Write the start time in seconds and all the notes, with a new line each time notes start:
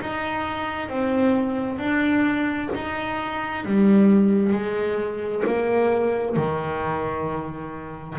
0.00 D#4
0.88 C4
1.78 D4
2.74 D#4
3.65 G3
4.52 G#3
5.46 A#3
6.36 D#3